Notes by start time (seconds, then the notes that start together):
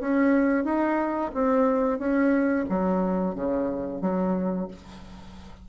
0.00 C#4
0.64 D#4
1.34 C4
1.98 C#4
2.69 F#3
3.35 C#3
4.01 F#3